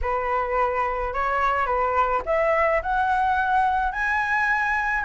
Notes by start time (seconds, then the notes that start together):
0.01 B4
1.13 C#5
1.66 B4
2.25 E5
2.82 F#5
3.92 G#5